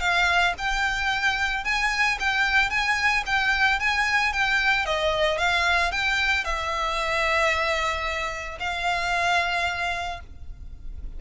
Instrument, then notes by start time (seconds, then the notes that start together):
violin
0.00 F5
0.58 G5
1.65 G#5
2.20 G5
2.70 G#5
3.26 G5
3.80 G#5
4.33 G5
4.86 D#5
5.38 F5
5.92 G5
6.44 E5
8.60 F5